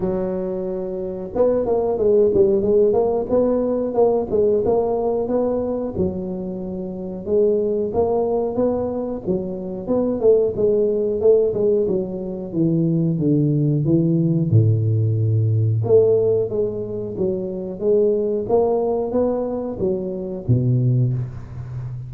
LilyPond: \new Staff \with { instrumentName = "tuba" } { \time 4/4 \tempo 4 = 91 fis2 b8 ais8 gis8 g8 | gis8 ais8 b4 ais8 gis8 ais4 | b4 fis2 gis4 | ais4 b4 fis4 b8 a8 |
gis4 a8 gis8 fis4 e4 | d4 e4 a,2 | a4 gis4 fis4 gis4 | ais4 b4 fis4 b,4 | }